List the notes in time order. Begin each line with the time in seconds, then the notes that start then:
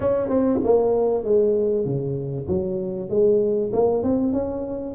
0.00 C#4
0.28 C4
0.64 A#3
1.23 G#3
1.85 C#3
2.48 F#3
3.09 G#3
3.72 A#3
4.03 C4
4.32 C#4